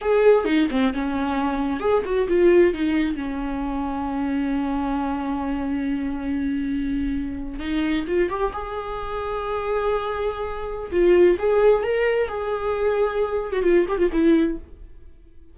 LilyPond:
\new Staff \with { instrumentName = "viola" } { \time 4/4 \tempo 4 = 132 gis'4 dis'8 c'8 cis'2 | gis'8 fis'8 f'4 dis'4 cis'4~ | cis'1~ | cis'1~ |
cis'8. dis'4 f'8 g'8 gis'4~ gis'16~ | gis'1 | f'4 gis'4 ais'4 gis'4~ | gis'4.~ gis'16 fis'16 f'8 g'16 f'16 e'4 | }